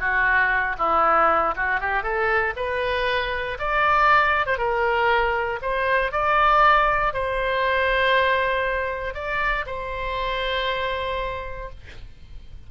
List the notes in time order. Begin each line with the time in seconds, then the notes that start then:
0.00 F#4
0.79 E4
1.56 F#4
1.81 G4
2.03 A4
2.57 B4
3.59 D5
4.46 C5
4.58 A#4
5.62 C5
6.12 D5
7.14 C5
9.14 D5
9.67 C5